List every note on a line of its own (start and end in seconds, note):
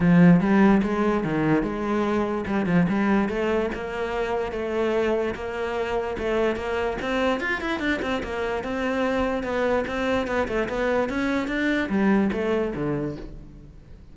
0.00 0.40 F3
0.40 0.81 G3
0.83 1.24 G#3
1.24 1.62 D#3
1.62 2.45 G#3
2.46 2.66 G3
2.66 2.86 F3
2.88 3.28 G3
3.28 3.69 A3
3.74 4.52 A#3
4.52 5.34 A3
5.34 6.16 A#3
6.18 6.56 A3
6.56 6.97 A#3
7.01 7.40 C4
7.40 7.61 F4
7.61 7.79 E4
7.79 8.00 D4
8.01 8.22 C4
8.23 8.63 A#3
8.63 9.43 C4
9.43 9.84 B3
9.87 10.27 C4
10.27 10.47 B3
10.48 10.68 A3
10.68 11.09 B3
11.09 11.47 C#4
11.47 11.88 D4
11.89 12.30 G3
12.32 12.73 A3
12.75 13.16 D3